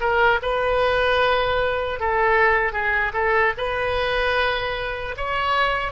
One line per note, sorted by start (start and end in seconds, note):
0.00 0.39 A#4
0.42 2.00 B4
2.00 2.72 A4
2.72 3.12 G#4
3.13 3.53 A4
3.57 5.15 B4
5.17 5.91 C#5